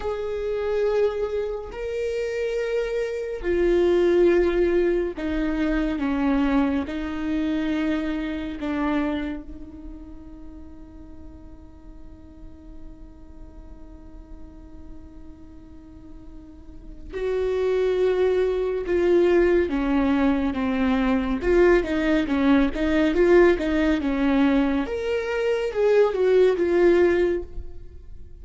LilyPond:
\new Staff \with { instrumentName = "viola" } { \time 4/4 \tempo 4 = 70 gis'2 ais'2 | f'2 dis'4 cis'4 | dis'2 d'4 dis'4~ | dis'1~ |
dis'1 | fis'2 f'4 cis'4 | c'4 f'8 dis'8 cis'8 dis'8 f'8 dis'8 | cis'4 ais'4 gis'8 fis'8 f'4 | }